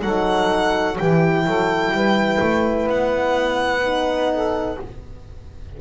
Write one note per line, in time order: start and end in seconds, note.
0.00 0.97 F#3
0.00 0.95 D#4
0.00 0.96 A4
0.00 0.97 F#5
0.96 1.46 E3
0.96 3.82 E4
0.96 1.44 G4
0.96 2.88 G5
1.45 1.91 F#3
1.45 1.93 A4
1.91 2.38 G3
1.91 4.32 B4
2.40 2.86 A3
2.86 4.77 B3
2.86 4.80 F#5
3.82 4.78 D#4
4.32 4.80 A4